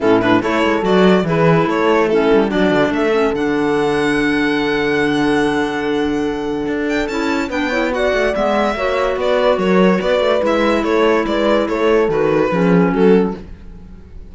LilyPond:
<<
  \new Staff \with { instrumentName = "violin" } { \time 4/4 \tempo 4 = 144 a'8 b'8 cis''4 d''4 b'4 | cis''4 a'4 d''4 e''4 | fis''1~ | fis''1~ |
fis''8 g''8 a''4 g''4 fis''4 | e''2 d''4 cis''4 | d''4 e''4 cis''4 d''4 | cis''4 b'2 a'4 | }
  \new Staff \with { instrumentName = "horn" } { \time 4/4 e'4 a'2 gis'4 | a'4 e'4 fis'4 a'4~ | a'1~ | a'1~ |
a'2 b'8 cis''8 d''4~ | d''4 cis''4 b'4 ais'4 | b'2 a'4 b'4 | a'2 gis'4 fis'4 | }
  \new Staff \with { instrumentName = "clarinet" } { \time 4/4 cis'8 d'8 e'4 fis'4 e'4~ | e'4 cis'4 d'4. cis'8 | d'1~ | d'1~ |
d'4 e'4 d'8 e'8 fis'4 | b4 fis'2.~ | fis'4 e'2.~ | e'4 fis'4 cis'2 | }
  \new Staff \with { instrumentName = "cello" } { \time 4/4 a,4 a8 gis8 fis4 e4 | a4. g8 fis8 d8 a4 | d1~ | d1 |
d'4 cis'4 b4. a8 | gis4 ais4 b4 fis4 | b8 a8 gis4 a4 gis4 | a4 dis4 f4 fis4 | }
>>